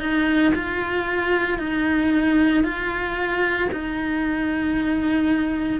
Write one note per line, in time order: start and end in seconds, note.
0.00 0.53 D#4
0.55 1.59 F4
1.59 2.64 D#4
2.64 3.69 F4
3.72 5.80 D#4